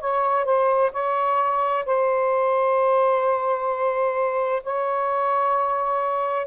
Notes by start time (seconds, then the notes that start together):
0.00 C#5
0.44 C5
0.92 C#5
1.85 C5
4.63 C#5